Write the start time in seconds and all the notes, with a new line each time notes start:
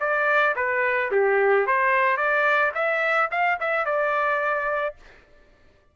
0.00 D5
0.56 B4
1.12 G4
1.66 C5
2.17 D5
2.75 E5
3.31 F5
3.60 E5
3.86 D5